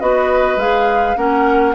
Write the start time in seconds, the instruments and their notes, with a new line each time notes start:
0.00 bassoon B3, clarinet F#4, oboe B4, flute D#5
0.56 bassoon G#3, clarinet G#4, flute F5
1.16 bassoon A#3, clarinet C#4, oboe A#4, flute F#5